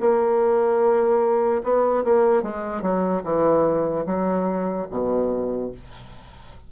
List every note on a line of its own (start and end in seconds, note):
0.00 1.62 A#3
1.63 2.04 B3
2.04 2.43 A#3
2.43 2.82 G#3
2.82 3.22 F#3
3.24 4.05 E3
4.06 4.87 F#3
4.90 5.71 B2